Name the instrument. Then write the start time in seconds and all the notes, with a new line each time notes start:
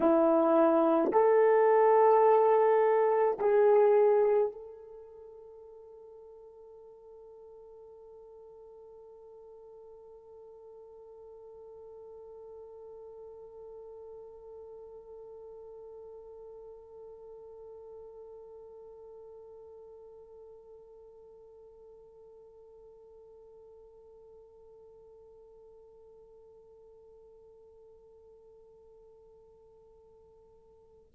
horn
0.00 E4
1.12 A4
3.39 G#4
4.52 A4